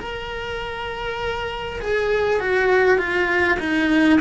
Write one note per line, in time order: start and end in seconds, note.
0.00 1.80 A#4
1.81 2.40 G#4
2.40 2.98 F#4
2.98 3.58 F4
3.59 4.19 D#4